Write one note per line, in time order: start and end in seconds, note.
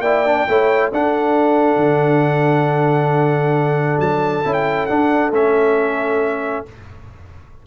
0.00 0.44 A#3
0.00 0.25 E4
0.00 0.45 D5
0.00 0.89 G5
0.25 0.48 D4
0.48 0.92 A3
0.48 0.92 E4
0.48 0.92 C#5
0.92 1.76 D4
0.92 4.44 D4
0.92 6.66 A4
0.92 4.00 F#5
1.76 3.97 D3
3.99 4.43 F#3
3.99 4.53 A5
4.44 4.89 C#4
4.44 4.88 E4
4.53 4.86 G5
4.86 5.32 D4
4.86 5.31 D4
4.86 5.30 F#5
5.31 6.63 A3
5.31 6.66 C#4
5.31 6.66 E5